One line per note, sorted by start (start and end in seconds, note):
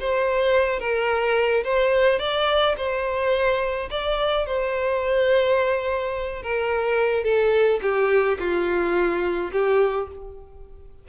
0.00 0.80 C5
0.80 1.64 A#4
1.64 2.19 C5
2.19 2.75 D5
2.77 3.89 C5
3.90 4.46 D5
4.46 6.43 C5
6.43 7.24 A#4
7.24 7.80 A4
7.82 8.38 G4
8.39 9.51 F4
9.52 10.08 G4